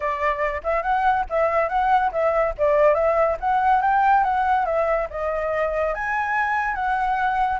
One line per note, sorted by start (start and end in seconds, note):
0.00 0.61 D5
0.63 0.82 E5
0.82 1.24 F#5
1.29 1.68 E5
1.68 2.11 F#5
2.11 2.54 E5
2.58 2.94 D5
2.94 3.36 E5
3.40 3.81 F#5
3.81 4.23 G5
4.23 4.65 F#5
4.65 5.07 E5
5.10 5.94 D#5
5.94 6.74 G#5
6.74 7.59 F#5